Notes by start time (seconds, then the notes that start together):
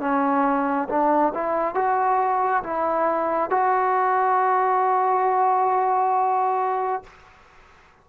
0.00 C#4
0.89 D4
1.34 E4
1.75 F#4
2.64 E4
3.51 F#4